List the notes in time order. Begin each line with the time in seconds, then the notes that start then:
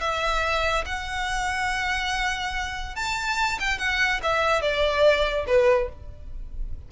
0.00 E5
0.85 F#5
2.95 A5
3.60 G5
3.78 F#5
4.23 E5
4.61 D5
5.47 B4